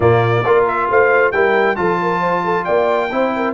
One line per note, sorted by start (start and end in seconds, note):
0.00 0.43 A#2
0.00 0.44 A#3
0.00 0.44 F4
0.00 0.65 D5
0.45 0.89 A#3
0.45 1.33 F4
0.45 0.89 A#4
0.67 0.89 E5
0.89 1.32 A3
0.89 1.34 C5
0.89 1.31 F5
1.31 1.77 G3
1.31 1.76 E4
1.31 1.79 A#4
1.31 1.76 G5
1.76 2.66 F3
1.76 3.09 F4
1.76 2.01 A4
1.76 2.64 A5
2.01 2.20 A#4
2.20 2.42 C5
2.44 2.65 A4
2.64 3.11 A#3
2.64 3.09 D5
2.64 3.53 G5
3.11 3.54 C4
3.11 3.54 E4
3.11 3.34 C5
3.36 3.54 A#4